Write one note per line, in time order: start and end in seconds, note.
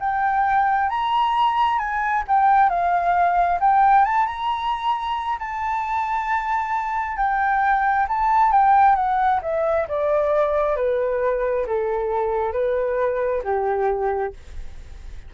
0.00 0.90 G5
0.90 1.79 A#5
1.79 2.23 G#5
2.28 2.69 G5
2.69 3.59 F5
3.60 4.05 G5
4.05 4.27 A5
4.27 5.39 A#5
5.39 7.17 A5
7.17 8.07 G5
8.08 8.52 A5
8.52 8.96 G5
8.96 9.40 F#5
9.43 9.88 E5
9.88 10.77 D5
10.77 11.66 B4
11.67 12.53 A4
12.53 13.42 B4
13.44 14.33 G4